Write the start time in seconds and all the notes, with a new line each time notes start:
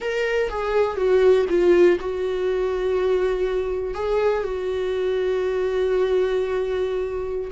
0.00 A#4
0.49 G#4
0.96 F#4
1.49 F4
2.00 F#4
3.94 G#4
4.43 F#4